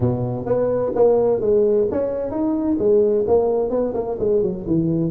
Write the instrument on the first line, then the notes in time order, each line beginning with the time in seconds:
tuba
0.00 B2
0.45 B3
0.95 A#3
1.41 G#3
1.91 C#4
2.30 D#4
2.78 G#3
3.27 A#3
3.70 B3
3.94 A#3
4.19 G#3
4.42 F#3
4.67 E3